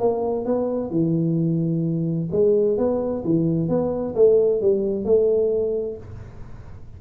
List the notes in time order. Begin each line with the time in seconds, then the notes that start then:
0.00 A#3
0.46 B3
0.91 E3
2.32 G#3
2.78 B3
3.25 E3
3.69 B3
4.16 A3
4.62 G3
5.05 A3